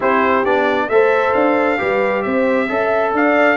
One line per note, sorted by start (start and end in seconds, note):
0.00 0.44 C4
0.00 0.44 E4
0.00 0.87 G4
0.00 0.44 C5
0.44 0.88 B3
0.44 0.90 D4
0.44 0.89 D5
0.88 1.33 A3
0.88 1.78 A4
0.88 1.79 C5
0.88 1.33 E5
1.33 1.79 D4
1.33 2.22 F5
1.78 2.25 G3
1.78 2.67 G4
1.78 2.24 B4
2.22 2.69 C4
2.22 2.69 C5
2.22 3.12 E5
2.68 3.13 C#4
2.68 3.57 A4
2.68 3.14 E5
3.13 3.57 D4
3.13 3.57 D5
3.13 3.57 F5